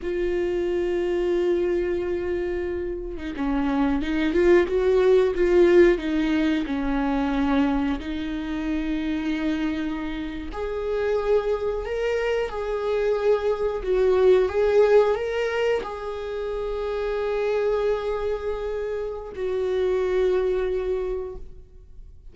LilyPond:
\new Staff \with { instrumentName = "viola" } { \time 4/4 \tempo 4 = 90 f'1~ | f'8. dis'16 cis'4 dis'8 f'8 fis'4 | f'4 dis'4 cis'2 | dis'2.~ dis'8. gis'16~ |
gis'4.~ gis'16 ais'4 gis'4~ gis'16~ | gis'8. fis'4 gis'4 ais'4 gis'16~ | gis'1~ | gis'4 fis'2. | }